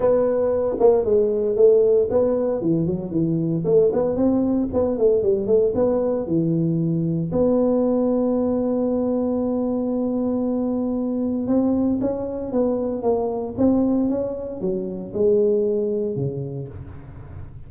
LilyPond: \new Staff \with { instrumentName = "tuba" } { \time 4/4 \tempo 4 = 115 b4. ais8 gis4 a4 | b4 e8 fis8 e4 a8 b8 | c'4 b8 a8 g8 a8 b4 | e2 b2~ |
b1~ | b2 c'4 cis'4 | b4 ais4 c'4 cis'4 | fis4 gis2 cis4 | }